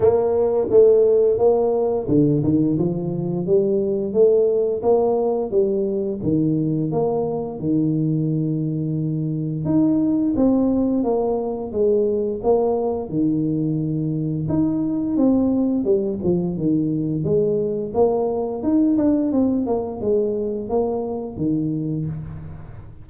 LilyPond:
\new Staff \with { instrumentName = "tuba" } { \time 4/4 \tempo 4 = 87 ais4 a4 ais4 d8 dis8 | f4 g4 a4 ais4 | g4 dis4 ais4 dis4~ | dis2 dis'4 c'4 |
ais4 gis4 ais4 dis4~ | dis4 dis'4 c'4 g8 f8 | dis4 gis4 ais4 dis'8 d'8 | c'8 ais8 gis4 ais4 dis4 | }